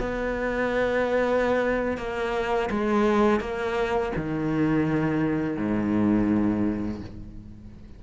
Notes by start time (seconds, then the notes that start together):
0.00 B3
1.97 A#3
2.70 G#3
3.40 A#3
4.17 D#3
5.57 G#2